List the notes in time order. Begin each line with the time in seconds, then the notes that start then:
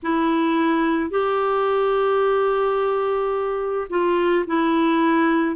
0.03 E4
1.10 G4
3.89 F4
4.46 E4